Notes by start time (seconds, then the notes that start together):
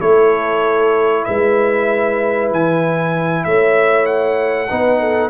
0.00 A3 E4 A4 C#5
1.25 G#3 B4 E5
2.52 E3 G#5
3.45 A3 C#5 E5
4.06 F#5
4.70 B3 D#4 B4
5.00 A4